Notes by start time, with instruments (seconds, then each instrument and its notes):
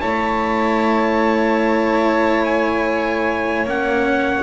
0.00 double bass A3, cello E4, violin C#5, trumpet A5
2.44 trumpet G#5
3.64 double bass A#3, cello C#4, trumpet F#5